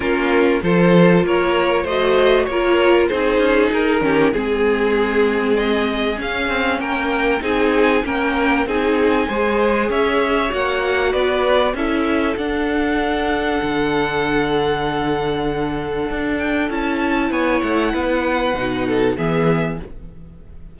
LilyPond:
<<
  \new Staff \with { instrumentName = "violin" } { \time 4/4 \tempo 4 = 97 ais'4 c''4 cis''4 dis''4 | cis''4 c''4 ais'4 gis'4~ | gis'4 dis''4 f''4 g''4 | gis''4 g''4 gis''2 |
e''4 fis''4 d''4 e''4 | fis''1~ | fis''2~ fis''8 g''8 a''4 | gis''8 fis''2~ fis''8 e''4 | }
  \new Staff \with { instrumentName = "violin" } { \time 4/4 f'4 a'4 ais'4 c''4 | ais'4 gis'4. g'8 gis'4~ | gis'2. ais'4 | gis'4 ais'4 gis'4 c''4 |
cis''2 b'4 a'4~ | a'1~ | a'1 | cis''4 b'4. a'8 gis'4 | }
  \new Staff \with { instrumentName = "viola" } { \time 4/4 cis'4 f'2 fis'4 | f'4 dis'4. cis'8 c'4~ | c'2 cis'2 | dis'4 cis'4 dis'4 gis'4~ |
gis'4 fis'2 e'4 | d'1~ | d'2. e'4~ | e'2 dis'4 b4 | }
  \new Staff \with { instrumentName = "cello" } { \time 4/4 ais4 f4 ais4 a4 | ais4 c'8 cis'8 dis'8 dis8 gis4~ | gis2 cis'8 c'8 ais4 | c'4 ais4 c'4 gis4 |
cis'4 ais4 b4 cis'4 | d'2 d2~ | d2 d'4 cis'4 | b8 a8 b4 b,4 e4 | }
>>